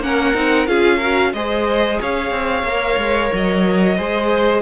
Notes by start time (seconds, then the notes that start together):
0.00 A#3 C#4 A#4 F#5
0.34 C4 D#4
0.66 C#4 F4 G#4 F5
0.97 F#4 A#4
1.33 G#3 G#4 C5 D#5
2.00 C#4 C#5 F5
2.30 C4
2.63 A#3 A#4
2.97 G#3
3.33 F#3 D#5
3.96 G#3 G#4 C5